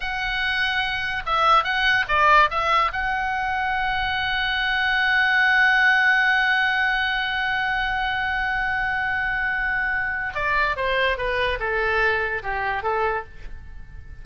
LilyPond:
\new Staff \with { instrumentName = "oboe" } { \time 4/4 \tempo 4 = 145 fis''2. e''4 | fis''4 d''4 e''4 fis''4~ | fis''1~ | fis''1~ |
fis''1~ | fis''1~ | fis''4 d''4 c''4 b'4 | a'2 g'4 a'4 | }